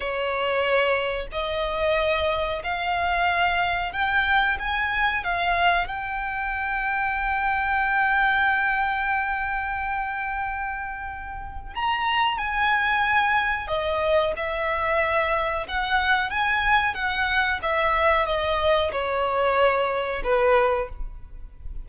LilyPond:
\new Staff \with { instrumentName = "violin" } { \time 4/4 \tempo 4 = 92 cis''2 dis''2 | f''2 g''4 gis''4 | f''4 g''2.~ | g''1~ |
g''2 ais''4 gis''4~ | gis''4 dis''4 e''2 | fis''4 gis''4 fis''4 e''4 | dis''4 cis''2 b'4 | }